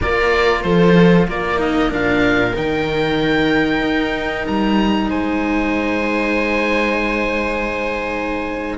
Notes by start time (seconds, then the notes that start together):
0.01 A#3 F4 A#4 D5
0.62 F3 A4 C5
1.27 A#3 A#4 D5
1.56 D#4 D#5
1.89 A#2 D4 F5
2.55 D#3 D#4 G5
3.81 D#4
4.47 G3 A#5
5.09 G#3 C5 G#5